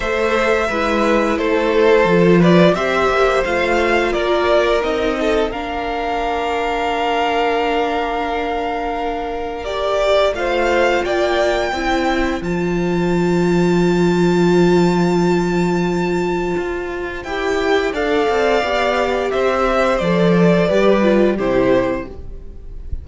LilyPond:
<<
  \new Staff \with { instrumentName = "violin" } { \time 4/4 \tempo 4 = 87 e''2 c''4. d''8 | e''4 f''4 d''4 dis''4 | f''1~ | f''2 d''4 f''4 |
g''2 a''2~ | a''1~ | a''4 g''4 f''2 | e''4 d''2 c''4 | }
  \new Staff \with { instrumentName = "violin" } { \time 4/4 c''4 b'4 a'4. b'8 | c''2 ais'4. a'8 | ais'1~ | ais'2. c''4 |
d''4 c''2.~ | c''1~ | c''2 d''2 | c''2 b'4 g'4 | }
  \new Staff \with { instrumentName = "viola" } { \time 4/4 a'4 e'2 f'4 | g'4 f'2 dis'4 | d'1~ | d'2 g'4 f'4~ |
f'4 e'4 f'2~ | f'1~ | f'4 g'4 a'4 g'4~ | g'4 a'4 g'8 f'8 e'4 | }
  \new Staff \with { instrumentName = "cello" } { \time 4/4 a4 gis4 a4 f4 | c'8 ais8 a4 ais4 c'4 | ais1~ | ais2. a4 |
ais4 c'4 f2~ | f1 | f'4 e'4 d'8 c'8 b4 | c'4 f4 g4 c4 | }
>>